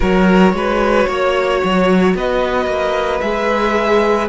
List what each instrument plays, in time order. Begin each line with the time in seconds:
0.00 cello F#3, viola F#4, violin A#4 C#5
0.52 cello G#3, violin B4
1.07 cello A#3, violin C#5
1.64 cello F#3
2.14 cello B3, violin B4 D#5
2.66 cello A#3
3.21 cello G#3, viola G#4, violin E5